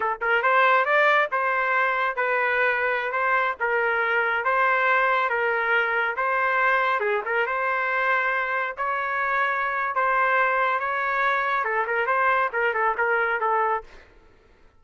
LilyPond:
\new Staff \with { instrumentName = "trumpet" } { \time 4/4 \tempo 4 = 139 a'8 ais'8 c''4 d''4 c''4~ | c''4 b'2~ b'16 c''8.~ | c''16 ais'2 c''4.~ c''16~ | c''16 ais'2 c''4.~ c''16~ |
c''16 gis'8 ais'8 c''2~ c''8.~ | c''16 cis''2~ cis''8. c''4~ | c''4 cis''2 a'8 ais'8 | c''4 ais'8 a'8 ais'4 a'4 | }